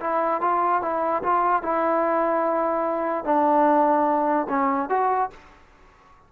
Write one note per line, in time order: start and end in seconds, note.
0.00 0.41 E4
0.41 0.82 F4
0.82 1.22 E4
1.23 1.63 F4
1.63 3.24 E4
3.24 4.47 D4
4.49 4.89 C#4
4.89 5.30 F#4